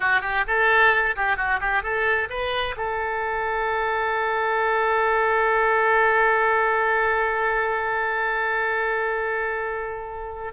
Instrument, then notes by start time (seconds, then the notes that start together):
oboe
0.00 F#4
0.21 G4
0.47 A4
1.16 G4
1.37 F#4
1.60 G4
1.82 A4
2.29 B4
2.76 A4